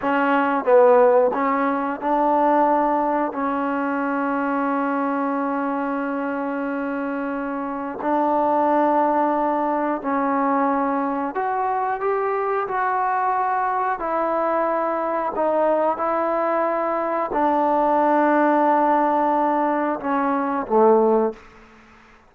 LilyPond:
\new Staff \with { instrumentName = "trombone" } { \time 4/4 \tempo 4 = 90 cis'4 b4 cis'4 d'4~ | d'4 cis'2.~ | cis'1 | d'2. cis'4~ |
cis'4 fis'4 g'4 fis'4~ | fis'4 e'2 dis'4 | e'2 d'2~ | d'2 cis'4 a4 | }